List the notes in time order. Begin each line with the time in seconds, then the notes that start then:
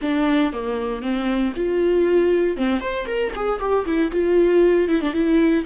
0.01 D4
0.52 A#3
1.01 C4
1.56 F4
2.56 C4
2.80 C5
3.06 A#4
3.35 G#4
3.59 G4
3.85 E4
4.11 F4
4.88 E4
5.01 D4
5.13 E4